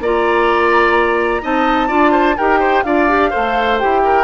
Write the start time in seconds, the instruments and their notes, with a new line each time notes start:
0.00 bassoon A#3, clarinet F4, oboe D5, flute A#5
1.41 bassoon C4, clarinet D#4, oboe D#5, flute A5
1.88 bassoon D4, clarinet F4, oboe D5
2.11 oboe C5
2.37 bassoon D#4, clarinet G4, oboe A#4, flute G5
2.59 oboe C5
2.83 bassoon D4, clarinet F4, oboe D5, flute F5
3.08 clarinet G4
3.30 bassoon A3, clarinet A4, oboe C5
3.79 bassoon E4, clarinet G4, flute G5
4.04 oboe A#4